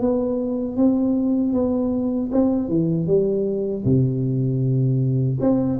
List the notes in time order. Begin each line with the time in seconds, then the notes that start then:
0.00 B3
0.76 C4
1.53 B3
2.31 C4
2.68 E3
3.07 G3
3.84 C3
5.40 C4